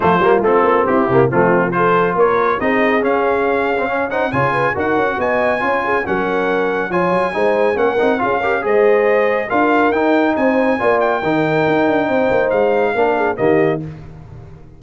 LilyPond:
<<
  \new Staff \with { instrumentName = "trumpet" } { \time 4/4 \tempo 4 = 139 c''4 a'4 g'4 f'4 | c''4 cis''4 dis''4 f''4~ | f''4. fis''8 gis''4 fis''4 | gis''2 fis''2 |
gis''2 fis''4 f''4 | dis''2 f''4 g''4 | gis''4. g''2~ g''8~ | g''4 f''2 dis''4 | }
  \new Staff \with { instrumentName = "horn" } { \time 4/4 f'2 e'4 c'4 | a'4 ais'4 gis'2~ | gis'4 cis''8 c''8 cis''8 b'8 ais'4 | dis''4 cis''8 gis'8 ais'2 |
cis''4 c''4 ais'4 gis'8 ais'8 | c''2 ais'2 | c''4 d''4 ais'2 | c''2 ais'8 gis'8 g'4 | }
  \new Staff \with { instrumentName = "trombone" } { \time 4/4 a8 ais8 c'4. ais8 a4 | f'2 dis'4 cis'4~ | cis'8. c'16 cis'8 dis'8 f'4 fis'4~ | fis'4 f'4 cis'2 |
f'4 dis'4 cis'8 dis'8 f'8 g'8 | gis'2 f'4 dis'4~ | dis'4 f'4 dis'2~ | dis'2 d'4 ais4 | }
  \new Staff \with { instrumentName = "tuba" } { \time 4/4 f8 g8 a8 ais8 c'8 c8 f4~ | f4 ais4 c'4 cis'4~ | cis'2 cis4 dis'8 cis'8 | b4 cis'4 fis2 |
f8 fis8 gis4 ais8 c'8 cis'4 | gis2 d'4 dis'4 | c'4 ais4 dis4 dis'8 d'8 | c'8 ais8 gis4 ais4 dis4 | }
>>